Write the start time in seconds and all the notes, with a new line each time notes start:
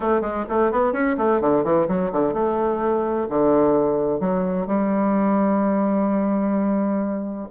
0.00 A3
0.21 G#3
0.49 A3
0.71 B3
0.92 C#4
1.17 A3
1.40 D3
1.64 E3
1.87 F#3
2.12 D3
2.33 A3
3.29 D3
4.20 F#3
4.66 G3